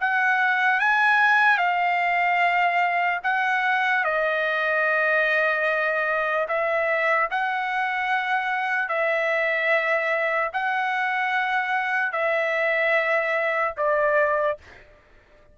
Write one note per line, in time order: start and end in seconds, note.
0.00 0.80 F#5
0.80 1.58 G#5
1.58 3.20 F5
3.23 4.04 F#5
4.04 6.47 D#5
6.48 7.29 E5
7.30 8.89 F#5
8.89 10.51 E5
10.53 12.13 F#5
12.13 13.75 E5
13.77 14.58 D5